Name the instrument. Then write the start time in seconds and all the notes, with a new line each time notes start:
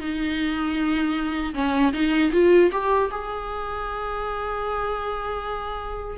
viola
0.00 D#4
1.54 C#4
1.93 D#4
2.32 F4
2.72 G4
3.11 G#4